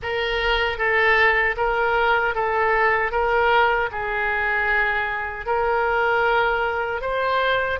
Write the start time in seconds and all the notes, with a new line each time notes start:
0.02 A#4
0.78 A4
1.57 A#4
2.34 A4
3.11 A#4
3.91 G#4
5.46 A#4
7.01 C5